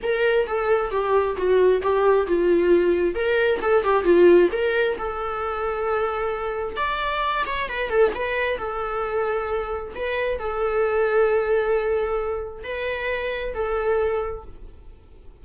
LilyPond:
\new Staff \with { instrumentName = "viola" } { \time 4/4 \tempo 4 = 133 ais'4 a'4 g'4 fis'4 | g'4 f'2 ais'4 | a'8 g'8 f'4 ais'4 a'4~ | a'2. d''4~ |
d''8 cis''8 b'8 a'8 b'4 a'4~ | a'2 b'4 a'4~ | a'1 | b'2 a'2 | }